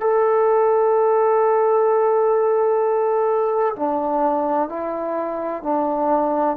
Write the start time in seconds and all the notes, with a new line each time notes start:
0.00 A4
3.76 D4
4.69 E4
5.62 D4